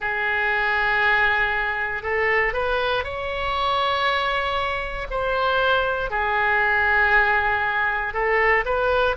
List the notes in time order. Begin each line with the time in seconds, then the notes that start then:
0.00 G#4
2.02 A4
2.53 B4
3.04 C#5
5.10 C5
6.10 G#4
8.13 A4
8.65 B4